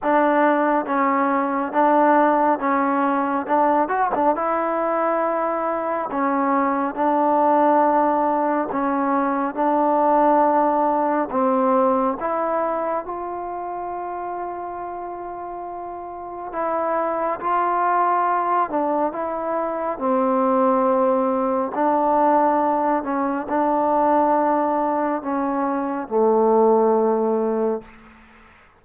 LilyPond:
\new Staff \with { instrumentName = "trombone" } { \time 4/4 \tempo 4 = 69 d'4 cis'4 d'4 cis'4 | d'8 fis'16 d'16 e'2 cis'4 | d'2 cis'4 d'4~ | d'4 c'4 e'4 f'4~ |
f'2. e'4 | f'4. d'8 e'4 c'4~ | c'4 d'4. cis'8 d'4~ | d'4 cis'4 a2 | }